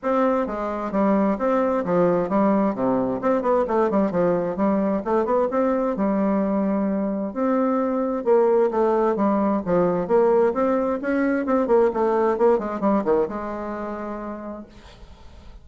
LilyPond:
\new Staff \with { instrumentName = "bassoon" } { \time 4/4 \tempo 4 = 131 c'4 gis4 g4 c'4 | f4 g4 c4 c'8 b8 | a8 g8 f4 g4 a8 b8 | c'4 g2. |
c'2 ais4 a4 | g4 f4 ais4 c'4 | cis'4 c'8 ais8 a4 ais8 gis8 | g8 dis8 gis2. | }